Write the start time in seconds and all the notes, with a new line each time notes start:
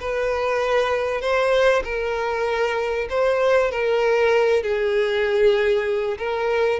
0.00 B4
1.21 C5
1.84 A#4
3.10 C5
3.71 A#4
4.63 G#4
6.18 A#4